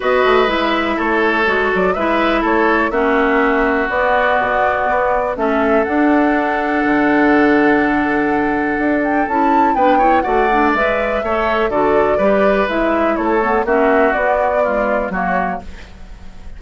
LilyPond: <<
  \new Staff \with { instrumentName = "flute" } { \time 4/4 \tempo 4 = 123 dis''4 e''4 cis''4. d''8 | e''4 cis''4 e''2 | d''2. e''4 | fis''1~ |
fis''2~ fis''8 g''8 a''4 | g''4 fis''4 e''2 | d''2 e''4 cis''4 | e''4 d''2 cis''4 | }
  \new Staff \with { instrumentName = "oboe" } { \time 4/4 b'2 a'2 | b'4 a'4 fis'2~ | fis'2. a'4~ | a'1~ |
a'1 | b'8 cis''8 d''2 cis''4 | a'4 b'2 a'4 | fis'2 f'4 fis'4 | }
  \new Staff \with { instrumentName = "clarinet" } { \time 4/4 fis'4 e'2 fis'4 | e'2 cis'2 | b2. cis'4 | d'1~ |
d'2. e'4 | d'8 e'8 fis'8 d'8 b'4 a'4 | fis'4 g'4 e'4. b8 | cis'4 b4 gis4 ais4 | }
  \new Staff \with { instrumentName = "bassoon" } { \time 4/4 b8 a8 gis4 a4 gis8 fis8 | gis4 a4 ais2 | b4 b,4 b4 a4 | d'2 d2~ |
d2 d'4 cis'4 | b4 a4 gis4 a4 | d4 g4 gis4 a4 | ais4 b2 fis4 | }
>>